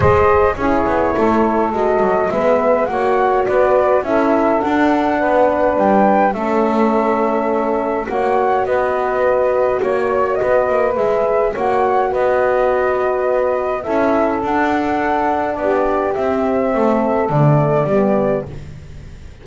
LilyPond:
<<
  \new Staff \with { instrumentName = "flute" } { \time 4/4 \tempo 4 = 104 dis''4 cis''2 dis''4 | e''4 fis''4 d''4 e''4 | fis''2 g''4 e''4~ | e''2 fis''4 dis''4~ |
dis''4 cis''4 dis''4 e''4 | fis''4 dis''2. | e''4 fis''2 d''4 | e''2 d''2 | }
  \new Staff \with { instrumentName = "saxophone" } { \time 4/4 c''4 gis'4 a'2 | b'4 cis''4 b'4 a'4~ | a'4 b'2 a'4~ | a'2 cis''4 b'4~ |
b'4 cis''4 b'2 | cis''4 b'2. | a'2. g'4~ | g'4 a'2 g'4 | }
  \new Staff \with { instrumentName = "horn" } { \time 4/4 gis'4 e'2 fis'4 | b4 fis'2 e'4 | d'2. cis'4~ | cis'2 fis'2~ |
fis'2. gis'4 | fis'1 | e'4 d'2. | c'2 a4 b4 | }
  \new Staff \with { instrumentName = "double bass" } { \time 4/4 gis4 cis'8 b8 a4 gis8 fis8 | gis4 ais4 b4 cis'4 | d'4 b4 g4 a4~ | a2 ais4 b4~ |
b4 ais4 b8 ais8 gis4 | ais4 b2. | cis'4 d'2 b4 | c'4 a4 d4 g4 | }
>>